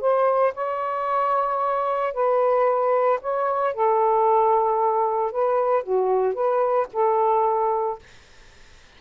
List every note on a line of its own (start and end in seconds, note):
0.00 0.53 C5
0.54 2.13 C#5
2.13 3.19 B4
3.21 3.74 C#5
3.74 5.31 A4
5.31 5.83 B4
5.83 6.34 F#4
6.34 6.87 B4
6.92 7.99 A4